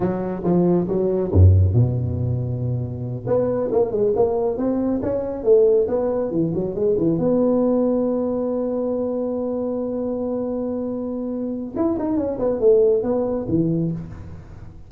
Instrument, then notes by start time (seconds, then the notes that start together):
tuba
0.00 F#3
0.43 F3
0.88 F#3
1.32 F#2
1.73 B2
3.26 B3
3.71 A#3
3.91 G#3
4.15 A#3
4.57 C4
5.02 C#4
5.43 A3
5.87 B3
6.31 E3
6.54 F#3
6.74 G#3
6.97 E3
7.18 B3
11.76 E4
11.98 D#4
12.16 C#4
12.39 B3
12.60 A3
13.03 B3
13.48 E3